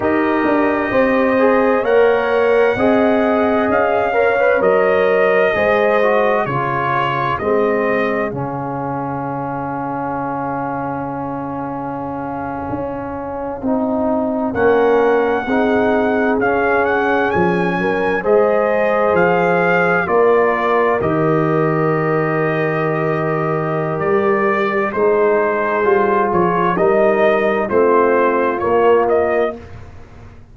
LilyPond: <<
  \new Staff \with { instrumentName = "trumpet" } { \time 4/4 \tempo 4 = 65 dis''2 fis''2 | f''4 dis''2 cis''4 | dis''4 f''2.~ | f''2.~ f''8. fis''16~ |
fis''4.~ fis''16 f''8 fis''8 gis''4 dis''16~ | dis''8. f''4 d''4 dis''4~ dis''16~ | dis''2 d''4 c''4~ | c''8 cis''8 dis''4 c''4 cis''8 dis''8 | }
  \new Staff \with { instrumentName = "horn" } { \time 4/4 ais'4 c''4 cis''4 dis''4~ | dis''8 cis''4. c''4 gis'4~ | gis'1~ | gis'2.~ gis'8. ais'16~ |
ais'8. gis'2~ gis'8 ais'8 c''16~ | c''4.~ c''16 ais'2~ ais'16~ | ais'2. gis'4~ | gis'4 ais'4 f'2 | }
  \new Staff \with { instrumentName = "trombone" } { \time 4/4 g'4. gis'8 ais'4 gis'4~ | gis'8 ais'16 b'16 ais'4 gis'8 fis'8 f'4 | c'4 cis'2.~ | cis'2~ cis'8. dis'4 cis'16~ |
cis'8. dis'4 cis'2 gis'16~ | gis'4.~ gis'16 f'4 g'4~ g'16~ | g'2. dis'4 | f'4 dis'4 c'4 ais4 | }
  \new Staff \with { instrumentName = "tuba" } { \time 4/4 dis'8 d'8 c'4 ais4 c'4 | cis'4 fis4 gis4 cis4 | gis4 cis2.~ | cis4.~ cis16 cis'4 c'4 ais16~ |
ais8. c'4 cis'4 f8 fis8 gis16~ | gis8. f4 ais4 dis4~ dis16~ | dis2 g4 gis4 | g8 f8 g4 a4 ais4 | }
>>